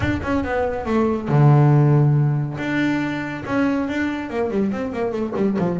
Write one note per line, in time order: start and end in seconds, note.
0.00 0.20 D4
0.23 0.44 C#4
0.44 0.85 B3
0.85 1.28 A3
1.28 2.57 D3
2.58 3.43 D4
3.45 3.88 C#4
3.88 4.30 D4
4.30 4.50 A#3
4.50 4.71 G3
4.71 4.92 C4
4.92 5.12 A#3
5.12 5.33 A3
5.35 5.57 G3
5.58 5.79 F3